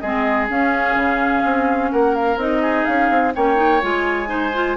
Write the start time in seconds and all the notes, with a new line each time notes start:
0.00 G#3 C4 G#4 D#5
0.50 C#4 F5
0.96 C#3
1.44 C4
1.92 A#3 A#4 F#5
2.15 F5
2.37 C4 D#4 D#5
2.62 G#4
2.85 C#4 F5
3.10 C4
3.36 A#3 C#4 C#5 G5
3.56 D#4
3.82 G#3 F4 G#5
4.27 D#4 C5
4.54 F4